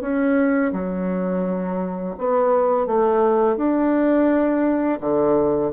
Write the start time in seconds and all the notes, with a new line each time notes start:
0.00 C#4
0.72 F#3
2.18 B3
2.86 A3
3.56 D4
5.00 D3